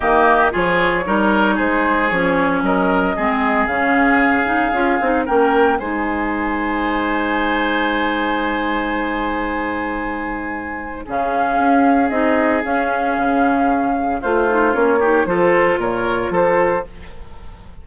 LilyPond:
<<
  \new Staff \with { instrumentName = "flute" } { \time 4/4 \tempo 4 = 114 dis''4 cis''2 c''4 | cis''4 dis''2 f''4~ | f''2 g''4 gis''4~ | gis''1~ |
gis''1~ | gis''4 f''2 dis''4 | f''2. c''4 | cis''4 c''4 cis''4 c''4 | }
  \new Staff \with { instrumentName = "oboe" } { \time 4/4 g'4 gis'4 ais'4 gis'4~ | gis'4 ais'4 gis'2~ | gis'2 ais'4 c''4~ | c''1~ |
c''1~ | c''4 gis'2.~ | gis'2. f'4~ | f'8 g'8 a'4 ais'4 a'4 | }
  \new Staff \with { instrumentName = "clarinet" } { \time 4/4 ais4 f'4 dis'2 | cis'2 c'4 cis'4~ | cis'8 dis'8 f'8 dis'8 cis'4 dis'4~ | dis'1~ |
dis'1~ | dis'4 cis'2 dis'4 | cis'2. f'8 dis'8 | cis'8 dis'8 f'2. | }
  \new Staff \with { instrumentName = "bassoon" } { \time 4/4 dis4 f4 g4 gis4 | f4 fis4 gis4 cis4~ | cis4 cis'8 c'8 ais4 gis4~ | gis1~ |
gis1~ | gis4 cis4 cis'4 c'4 | cis'4 cis2 a4 | ais4 f4 ais,4 f4 | }
>>